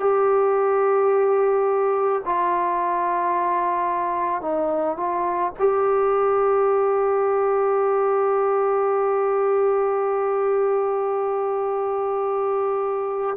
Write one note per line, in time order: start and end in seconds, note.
0.00 2.22 G4
2.26 4.42 F4
4.42 4.97 D#4
4.97 5.53 F4
5.60 13.37 G4